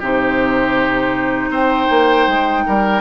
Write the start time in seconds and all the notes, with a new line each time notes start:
0.00 C3 D#4 G4 C5
1.50 C4 C5 G5
1.90 A#3
2.27 G#3
2.67 G3 A#4